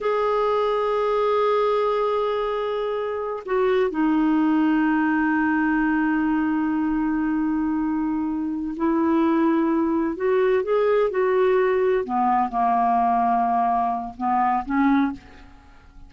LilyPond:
\new Staff \with { instrumentName = "clarinet" } { \time 4/4 \tempo 4 = 127 gis'1~ | gis'2.~ gis'16 fis'8.~ | fis'16 dis'2.~ dis'8.~ | dis'1~ |
dis'2~ dis'8 e'4.~ | e'4. fis'4 gis'4 fis'8~ | fis'4. b4 ais4.~ | ais2 b4 cis'4 | }